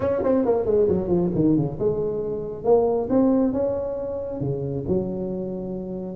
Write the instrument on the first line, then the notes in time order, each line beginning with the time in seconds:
tuba
0.00 C#4
0.23 C4
0.45 A#3
0.65 G#3
0.88 F#3
1.08 F3
1.35 D#3
1.56 C#3
1.79 G#3
2.64 A#3
3.09 C4
3.52 C#4
4.40 C#3
4.87 F#3